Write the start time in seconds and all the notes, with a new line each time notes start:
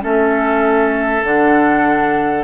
0.00 A3 C#4 A4 E5
1.24 D3 D4 F#5